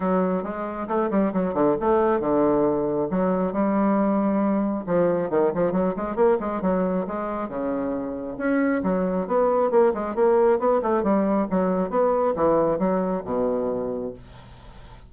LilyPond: \new Staff \with { instrumentName = "bassoon" } { \time 4/4 \tempo 4 = 136 fis4 gis4 a8 g8 fis8 d8 | a4 d2 fis4 | g2. f4 | dis8 f8 fis8 gis8 ais8 gis8 fis4 |
gis4 cis2 cis'4 | fis4 b4 ais8 gis8 ais4 | b8 a8 g4 fis4 b4 | e4 fis4 b,2 | }